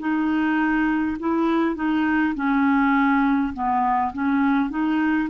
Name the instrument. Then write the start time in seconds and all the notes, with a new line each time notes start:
clarinet
0.00 D#4
1.20 E4
1.76 D#4
2.35 C#4
3.54 B3
4.13 C#4
4.71 D#4